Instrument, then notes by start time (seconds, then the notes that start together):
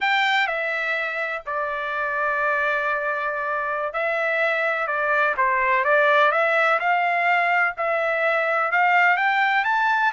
trumpet
0.00 G5
0.47 E5
1.45 D5
3.93 E5
4.87 D5
5.37 C5
5.84 D5
6.31 E5
6.79 F5
7.77 E5
8.71 F5
9.17 G5
9.64 A5